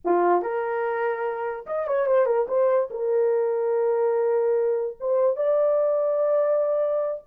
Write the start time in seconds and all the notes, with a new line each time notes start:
0.04 F4
0.42 A#4
1.66 D#5
1.87 C#5
2.06 C5
2.26 A#4
2.48 C5
2.90 A#4
5.00 C5
5.36 D5